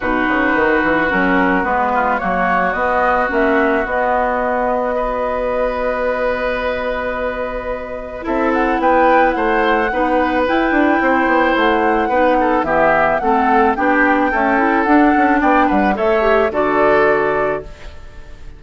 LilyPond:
<<
  \new Staff \with { instrumentName = "flute" } { \time 4/4 \tempo 4 = 109 b'2 ais'4 b'4 | cis''4 dis''4 e''4 dis''4~ | dis''1~ | dis''2. e''8 fis''8 |
g''4 fis''2 g''4~ | g''4 fis''2 e''4 | fis''4 g''2 fis''4 | g''8 fis''8 e''4 d''2 | }
  \new Staff \with { instrumentName = "oboe" } { \time 4/4 fis'2.~ fis'8 f'8 | fis'1~ | fis'4 b'2.~ | b'2. a'4 |
b'4 c''4 b'2 | c''2 b'8 a'8 g'4 | a'4 g'4 a'2 | d''8 b'8 cis''4 a'2 | }
  \new Staff \with { instrumentName = "clarinet" } { \time 4/4 dis'2 cis'4 b4 | ais4 b4 cis'4 b4~ | b4 fis'2.~ | fis'2. e'4~ |
e'2 dis'4 e'4~ | e'2 dis'4 b4 | c'4 d'4 a8 e'8 d'4~ | d'4 a'8 g'8 fis'2 | }
  \new Staff \with { instrumentName = "bassoon" } { \time 4/4 b,8 cis8 dis8 e8 fis4 gis4 | fis4 b4 ais4 b4~ | b1~ | b2. c'4 |
b4 a4 b4 e'8 d'8 | c'8 b8 a4 b4 e4 | a4 b4 cis'4 d'8 cis'8 | b8 g8 a4 d2 | }
>>